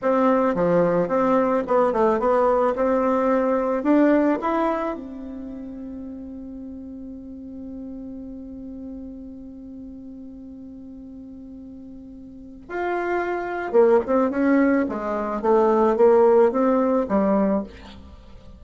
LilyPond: \new Staff \with { instrumentName = "bassoon" } { \time 4/4 \tempo 4 = 109 c'4 f4 c'4 b8 a8 | b4 c'2 d'4 | e'4 c'2.~ | c'1~ |
c'1~ | c'2. f'4~ | f'4 ais8 c'8 cis'4 gis4 | a4 ais4 c'4 g4 | }